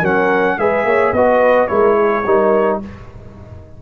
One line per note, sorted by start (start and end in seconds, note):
0.00 0.57 F#3
0.00 0.59 C#4
0.00 0.56 A#4
0.00 0.59 F#5
0.57 0.84 G#3
0.57 1.15 G#4
0.57 0.86 B4
0.57 1.14 E5
0.84 1.12 A#3
0.84 1.14 C#5
1.12 1.68 B3
1.12 1.68 F#4
1.12 1.70 B4
1.12 1.68 D#5
1.68 2.26 G#3
1.68 2.23 E4
1.68 1.97 A#4
1.68 2.79 C#5
1.97 2.24 G#4
2.25 2.81 G3
2.25 2.82 D#4
2.25 2.80 A#4